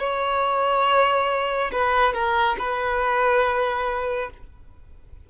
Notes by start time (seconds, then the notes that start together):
0.00 C#5
1.73 B4
2.14 A#4
2.59 B4